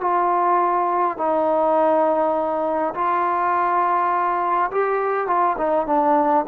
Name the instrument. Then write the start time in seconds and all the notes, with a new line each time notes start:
trombone
0.00 F4
1.17 D#4
2.94 F4
4.71 G4
5.27 F4
5.57 D#4
5.86 D4